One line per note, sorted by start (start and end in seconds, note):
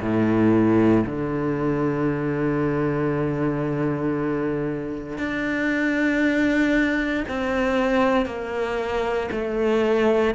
0.00 1.03 A2
1.05 5.17 D3
5.17 7.24 D4
7.28 8.26 C4
8.26 9.29 A#3
9.31 10.34 A3